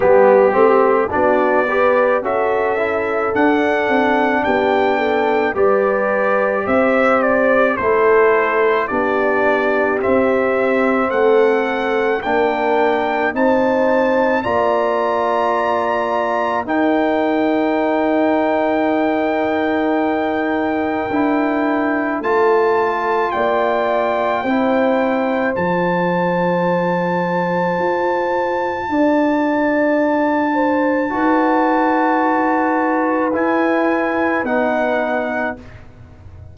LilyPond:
<<
  \new Staff \with { instrumentName = "trumpet" } { \time 4/4 \tempo 4 = 54 g'4 d''4 e''4 fis''4 | g''4 d''4 e''8 d''8 c''4 | d''4 e''4 fis''4 g''4 | a''4 ais''2 g''4~ |
g''1 | a''4 g''2 a''4~ | a''1~ | a''2 gis''4 fis''4 | }
  \new Staff \with { instrumentName = "horn" } { \time 4/4 g'4 fis'8 b'8 a'2 | g'8 a'8 b'4 c''4 a'4 | g'2 a'4 ais'4 | c''4 d''2 ais'4~ |
ais'1 | a'4 d''4 c''2~ | c''2 d''4. c''8 | b'1 | }
  \new Staff \with { instrumentName = "trombone" } { \time 4/4 b8 c'8 d'8 g'8 fis'8 e'8 d'4~ | d'4 g'2 e'4 | d'4 c'2 d'4 | dis'4 f'2 dis'4~ |
dis'2. e'4 | f'2 e'4 f'4~ | f'1 | fis'2 e'4 dis'4 | }
  \new Staff \with { instrumentName = "tuba" } { \time 4/4 g8 a8 b4 cis'4 d'8 c'8 | b4 g4 c'4 a4 | b4 c'4 a4 ais4 | c'4 ais2 dis'4~ |
dis'2. d'4 | a4 ais4 c'4 f4~ | f4 f'4 d'2 | dis'2 e'4 b4 | }
>>